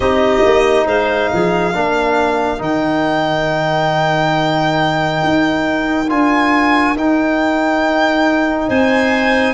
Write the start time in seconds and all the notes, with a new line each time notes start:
0.00 C4 D#4 G4 D#5
0.43 A#3
0.86 G#3 C5 F5
1.32 F3 G#4
1.73 A#3 D4 A#4
2.58 D#3 D#4 G5
5.23 D#4
6.09 D4 F4 G#5
6.95 D#4 G5
8.68 C4 C5 G#5